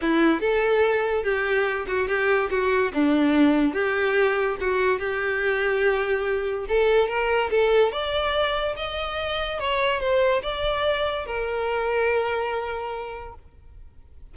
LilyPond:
\new Staff \with { instrumentName = "violin" } { \time 4/4 \tempo 4 = 144 e'4 a'2 g'4~ | g'8 fis'8 g'4 fis'4 d'4~ | d'4 g'2 fis'4 | g'1 |
a'4 ais'4 a'4 d''4~ | d''4 dis''2 cis''4 | c''4 d''2 ais'4~ | ais'1 | }